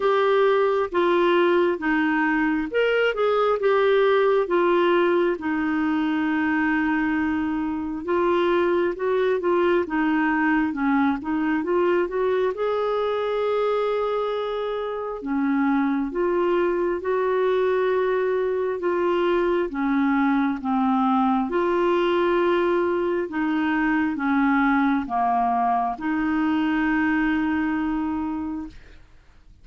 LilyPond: \new Staff \with { instrumentName = "clarinet" } { \time 4/4 \tempo 4 = 67 g'4 f'4 dis'4 ais'8 gis'8 | g'4 f'4 dis'2~ | dis'4 f'4 fis'8 f'8 dis'4 | cis'8 dis'8 f'8 fis'8 gis'2~ |
gis'4 cis'4 f'4 fis'4~ | fis'4 f'4 cis'4 c'4 | f'2 dis'4 cis'4 | ais4 dis'2. | }